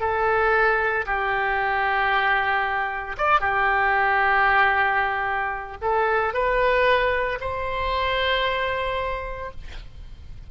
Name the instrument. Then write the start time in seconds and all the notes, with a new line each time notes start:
oboe
0.00 A4
1.06 G4
3.17 D5
3.41 G4
5.81 A4
6.33 B4
7.40 C5